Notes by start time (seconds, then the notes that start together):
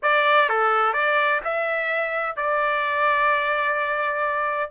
0.02 D5
0.49 A4
0.93 D5
1.44 E5
2.36 D5